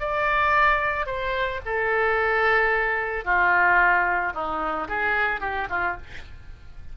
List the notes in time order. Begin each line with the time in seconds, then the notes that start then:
0.00 D5
1.06 C5
1.66 A4
3.25 F4
4.34 D#4
4.89 G#4
5.41 G4
5.70 F4